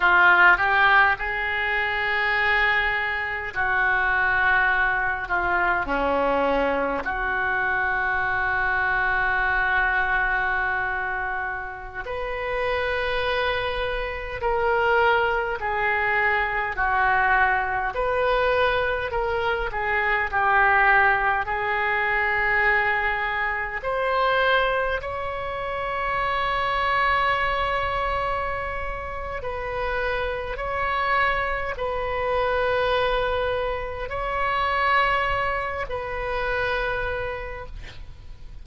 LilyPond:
\new Staff \with { instrumentName = "oboe" } { \time 4/4 \tempo 4 = 51 f'8 g'8 gis'2 fis'4~ | fis'8 f'8 cis'4 fis'2~ | fis'2~ fis'16 b'4.~ b'16~ | b'16 ais'4 gis'4 fis'4 b'8.~ |
b'16 ais'8 gis'8 g'4 gis'4.~ gis'16~ | gis'16 c''4 cis''2~ cis''8.~ | cis''4 b'4 cis''4 b'4~ | b'4 cis''4. b'4. | }